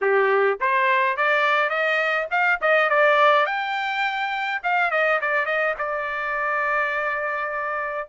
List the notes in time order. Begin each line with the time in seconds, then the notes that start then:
0.01 G4
0.60 C5
1.16 D5
1.69 D#5
2.31 F5
2.61 D#5
2.89 D5
3.46 G5
4.63 F5
4.90 D#5
5.21 D5
5.45 D#5
5.78 D5